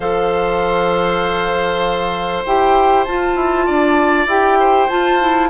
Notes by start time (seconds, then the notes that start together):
0.00 F3 A4 C5 F5
2.45 E4 G4 G5
3.04 F4 A5
3.35 E4
3.66 D4 D5
4.26 E4 G4 G5
4.59 C5
4.88 F4 A5
5.20 E4